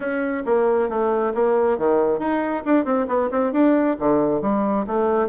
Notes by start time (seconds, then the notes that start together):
0.00 C#4
0.45 A#3
0.89 A3
1.34 A#3
1.78 D#3
2.19 D#4
2.65 D4
2.84 C4
3.07 B3
3.30 C4
3.52 D4
3.99 D3
4.41 G3
4.86 A3